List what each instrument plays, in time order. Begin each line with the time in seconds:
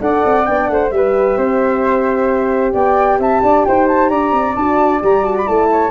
0.00 tuba D4, horn A4, flute D5 F#5
0.26 tuba C4
0.45 tuba B3, horn D4, flute G5
0.68 tuba A3, flute C5 F#5
0.91 tuba G3, horn G4, flute B4 E5
1.37 tuba C4, flute C5
2.73 tuba B3, flute D5 G5
3.19 tuba C4, flute E5 A5
3.43 tuba D4, flute D5
3.65 tuba D#4, flute C5 G5
3.88 flute A5
4.09 tuba D4, flute D5 A#5
4.32 tuba C4
4.56 tuba D4, horn F#4, flute A5
5.02 tuba G3, horn G4, flute A#5
5.23 horn F#4, flute A5
5.37 flute B5
5.46 tuba A3, horn E4, flute A5
5.72 flute C#5